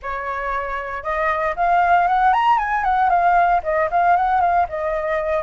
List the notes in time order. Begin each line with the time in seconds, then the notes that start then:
0.02 C#5
1.03 D#5
1.56 F5
2.07 F#5
2.33 A#5
2.58 G#5
2.83 F#5
3.09 F5
3.63 D#5
3.90 F5
4.16 F#5
4.40 F5
4.68 D#5